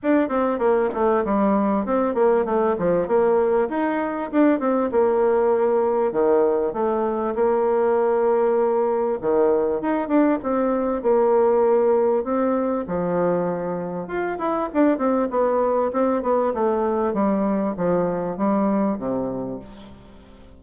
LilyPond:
\new Staff \with { instrumentName = "bassoon" } { \time 4/4 \tempo 4 = 98 d'8 c'8 ais8 a8 g4 c'8 ais8 | a8 f8 ais4 dis'4 d'8 c'8 | ais2 dis4 a4 | ais2. dis4 |
dis'8 d'8 c'4 ais2 | c'4 f2 f'8 e'8 | d'8 c'8 b4 c'8 b8 a4 | g4 f4 g4 c4 | }